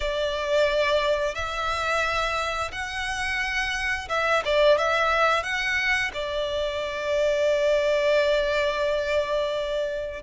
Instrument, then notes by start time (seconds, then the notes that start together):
violin
0.00 D5
1.35 E5
2.71 F#5
4.08 E5
4.44 D5
4.78 E5
5.43 F#5
6.13 D5